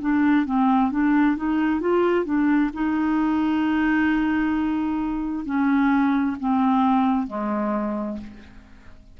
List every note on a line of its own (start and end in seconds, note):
0.00 0.45 D4
0.45 0.91 C4
0.91 1.36 D4
1.36 1.80 D#4
1.80 2.25 F4
2.25 2.70 D4
2.73 5.45 D#4
5.45 6.36 C#4
6.39 7.27 C4
7.27 8.18 G#3